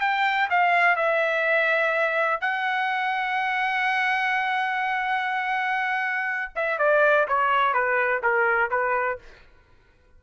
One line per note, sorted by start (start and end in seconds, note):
0.00 0.48 G5
0.49 0.96 F5
0.96 2.40 E5
2.40 6.52 F#5
6.55 6.78 E5
6.78 7.26 D5
7.28 7.73 C#5
7.73 8.21 B4
8.23 8.70 A#4
8.70 9.18 B4